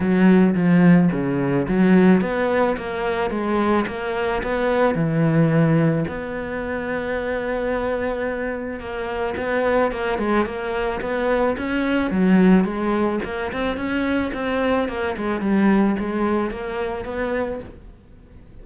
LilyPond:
\new Staff \with { instrumentName = "cello" } { \time 4/4 \tempo 4 = 109 fis4 f4 cis4 fis4 | b4 ais4 gis4 ais4 | b4 e2 b4~ | b1 |
ais4 b4 ais8 gis8 ais4 | b4 cis'4 fis4 gis4 | ais8 c'8 cis'4 c'4 ais8 gis8 | g4 gis4 ais4 b4 | }